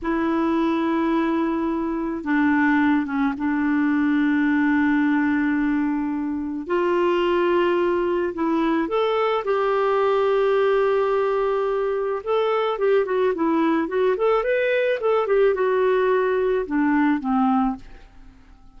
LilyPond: \new Staff \with { instrumentName = "clarinet" } { \time 4/4 \tempo 4 = 108 e'1 | d'4. cis'8 d'2~ | d'1 | f'2. e'4 |
a'4 g'2.~ | g'2 a'4 g'8 fis'8 | e'4 fis'8 a'8 b'4 a'8 g'8 | fis'2 d'4 c'4 | }